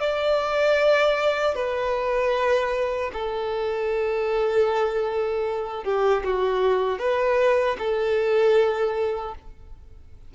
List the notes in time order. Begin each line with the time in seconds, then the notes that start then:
0.00 D5
1.55 B4
3.13 A4
5.84 G4
6.24 F#4
6.98 B4
7.79 A4